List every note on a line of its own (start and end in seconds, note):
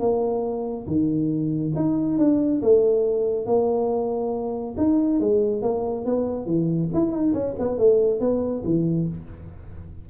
0.00 0.86 A#3
0.87 1.73 D#3
1.76 2.19 D#4
2.19 2.62 D4
2.62 3.46 A3
3.46 4.76 A#3
4.78 5.21 D#4
5.21 5.63 G#3
5.63 6.05 A#3
6.05 6.46 B3
6.46 6.89 E3
6.94 7.12 E4
7.12 7.34 D#4
7.34 7.55 C#4
7.59 7.78 B3
7.78 8.20 A3
8.20 8.63 B3
8.65 9.08 E3